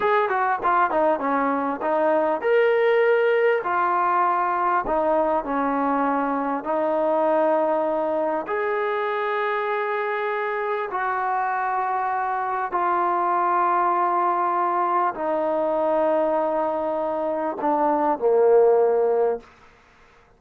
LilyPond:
\new Staff \with { instrumentName = "trombone" } { \time 4/4 \tempo 4 = 99 gis'8 fis'8 f'8 dis'8 cis'4 dis'4 | ais'2 f'2 | dis'4 cis'2 dis'4~ | dis'2 gis'2~ |
gis'2 fis'2~ | fis'4 f'2.~ | f'4 dis'2.~ | dis'4 d'4 ais2 | }